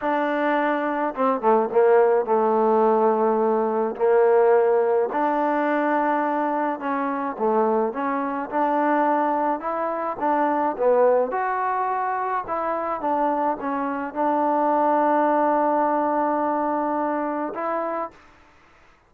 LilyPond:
\new Staff \with { instrumentName = "trombone" } { \time 4/4 \tempo 4 = 106 d'2 c'8 a8 ais4 | a2. ais4~ | ais4 d'2. | cis'4 a4 cis'4 d'4~ |
d'4 e'4 d'4 b4 | fis'2 e'4 d'4 | cis'4 d'2.~ | d'2. e'4 | }